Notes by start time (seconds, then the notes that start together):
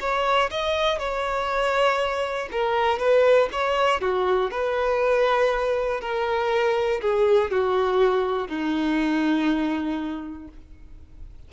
0.00 C#5
0.50 D#5
0.99 C#5
2.51 A#4
2.99 B4
3.52 C#5
4.01 F#4
4.51 B4
6.00 A#4
7.01 G#4
7.51 F#4
8.48 D#4